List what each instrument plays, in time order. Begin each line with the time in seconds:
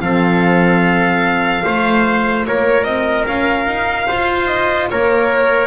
0.00 double bass F3, saxophone C4, trumpet A4, violin F5
1.63 double bass A3, saxophone F4, trumpet C5
2.46 double bass A#3, trumpet A#4, violin C#5
2.84 double bass C4, violin D#5
3.27 double bass C#4, violin F5
3.66 double bass D#4
4.07 double bass F4, trumpet C5
4.47 violin D#5
4.90 double bass A#3, trumpet A#4, violin C#5